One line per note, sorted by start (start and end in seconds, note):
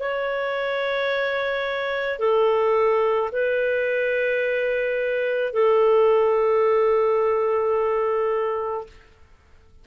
0.00 2.20 C#5
2.20 3.31 A4
3.32 5.54 B4
5.54 8.87 A4